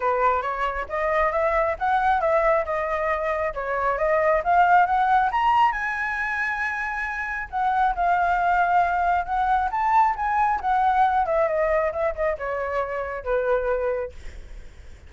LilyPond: \new Staff \with { instrumentName = "flute" } { \time 4/4 \tempo 4 = 136 b'4 cis''4 dis''4 e''4 | fis''4 e''4 dis''2 | cis''4 dis''4 f''4 fis''4 | ais''4 gis''2.~ |
gis''4 fis''4 f''2~ | f''4 fis''4 a''4 gis''4 | fis''4. e''8 dis''4 e''8 dis''8 | cis''2 b'2 | }